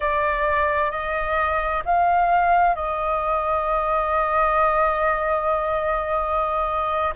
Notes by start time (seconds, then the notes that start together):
0.00 D5
0.90 D#5
1.85 F5
2.75 D#5